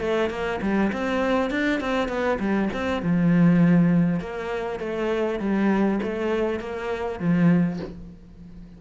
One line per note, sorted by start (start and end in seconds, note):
0.00 0.29 A3
0.29 0.59 A#3
0.61 0.91 G3
0.92 1.50 C4
1.50 1.80 D4
1.80 2.08 C4
2.08 2.38 B3
2.39 2.69 G3
2.73 3.02 C4
3.02 4.20 F3
4.20 4.79 A#3
4.79 5.39 A3
5.39 5.99 G3
6.02 6.59 A3
6.59 7.19 A#3
7.19 7.79 F3